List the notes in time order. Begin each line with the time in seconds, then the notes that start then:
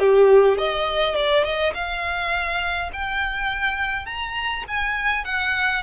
0.00 G4
0.58 D#5
1.15 D5
1.44 D#5
1.74 F5
2.93 G5
4.06 A#5
4.68 G#5
5.25 F#5